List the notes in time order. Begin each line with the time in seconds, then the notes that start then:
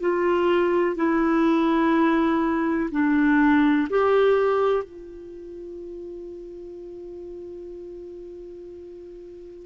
0.00 F4
0.96 E4
2.91 D4
3.90 G4
4.83 F4